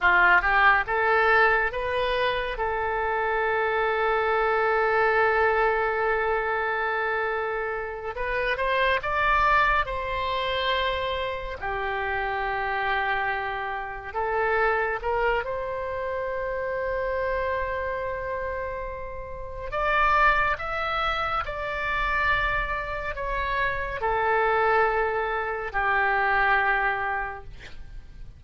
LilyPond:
\new Staff \with { instrumentName = "oboe" } { \time 4/4 \tempo 4 = 70 f'8 g'8 a'4 b'4 a'4~ | a'1~ | a'4. b'8 c''8 d''4 c''8~ | c''4. g'2~ g'8~ |
g'8 a'4 ais'8 c''2~ | c''2. d''4 | e''4 d''2 cis''4 | a'2 g'2 | }